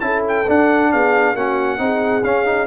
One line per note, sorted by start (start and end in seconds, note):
0.00 0.46 C#4
0.00 0.45 E4
0.00 0.91 A4
0.00 0.22 A5
0.28 0.50 G5
0.48 1.36 D4
0.48 0.93 D4
0.48 0.92 F#5
0.91 1.34 B3
0.91 1.34 G#4
0.91 1.36 F5
1.34 1.78 A#3
1.34 1.78 C#4
1.34 1.78 F#4
1.34 2.24 F#5
1.78 2.23 C4
1.78 2.22 D#4
1.78 2.67 G#4
2.24 2.67 C#4
2.24 2.45 C#4
2.24 2.67 F5
2.45 2.67 D#4